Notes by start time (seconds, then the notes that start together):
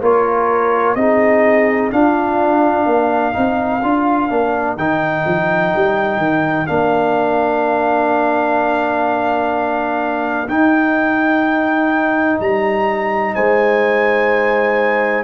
0.00 A#3 F4 A#4 C#5
0.95 C4 D#4 G#4 D#5
1.92 D4 F4 F5
2.86 A#3 A#4
3.33 C4 D#4
3.83 D4 F4
4.29 A#3 D4
4.77 D#3 D#4 G5
5.25 F3
5.75 G3
6.17 D#3
6.66 A#3 D4 F5
10.48 D#4 G5
12.40 G3 A#5
13.35 G#3 C5 G#5